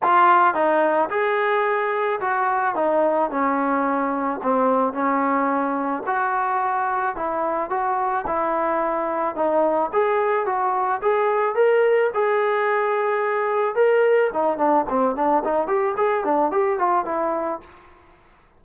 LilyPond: \new Staff \with { instrumentName = "trombone" } { \time 4/4 \tempo 4 = 109 f'4 dis'4 gis'2 | fis'4 dis'4 cis'2 | c'4 cis'2 fis'4~ | fis'4 e'4 fis'4 e'4~ |
e'4 dis'4 gis'4 fis'4 | gis'4 ais'4 gis'2~ | gis'4 ais'4 dis'8 d'8 c'8 d'8 | dis'8 g'8 gis'8 d'8 g'8 f'8 e'4 | }